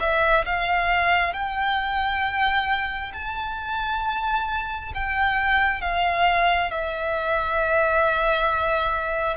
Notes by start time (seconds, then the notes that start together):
0.00 E5
0.45 F5
1.33 G5
3.13 A5
4.95 G5
5.81 F5
6.71 E5